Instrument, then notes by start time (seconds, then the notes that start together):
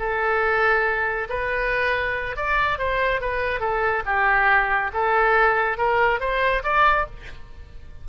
oboe
0.00 A4
1.30 B4
2.37 D5
2.79 C5
3.21 B4
3.61 A4
4.06 G4
4.94 A4
5.78 A#4
6.21 C5
6.64 D5